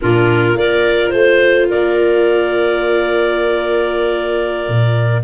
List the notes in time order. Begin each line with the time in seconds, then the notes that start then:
0.01 A#2 D4 F4 A#4
0.54 A#3 F4 A#4 D5
1.09 A3 C5
1.17 C5
1.69 A#3 A#4 D5
4.68 A#2